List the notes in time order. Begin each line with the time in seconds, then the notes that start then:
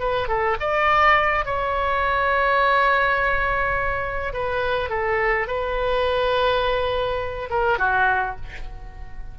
0.00 B4
0.28 A4
0.60 D5
1.46 C#5
4.33 B4
4.90 A4
5.48 B4
7.50 A#4
7.79 F#4